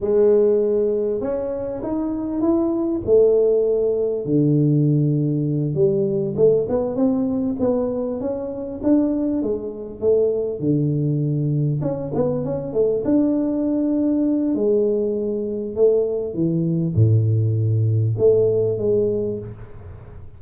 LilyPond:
\new Staff \with { instrumentName = "tuba" } { \time 4/4 \tempo 4 = 99 gis2 cis'4 dis'4 | e'4 a2 d4~ | d4. g4 a8 b8 c'8~ | c'8 b4 cis'4 d'4 gis8~ |
gis8 a4 d2 cis'8 | b8 cis'8 a8 d'2~ d'8 | gis2 a4 e4 | a,2 a4 gis4 | }